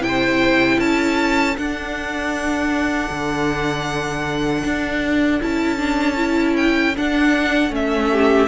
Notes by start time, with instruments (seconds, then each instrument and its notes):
0.00 cello C3, viola E4, violin G5
0.07 violin C5
0.79 cello C#4, violin A4 A5
1.58 cello D4, viola D4, violin F#5
3.10 cello D3
4.64 cello D4
5.41 cello C#4, viola E4, violin A5
5.78 viola D4
6.17 viola E4
6.57 violin G5
6.96 viola D4, cello D4, violin F#5
7.70 cello A3, viola C#4, violin E5
8.12 violin G4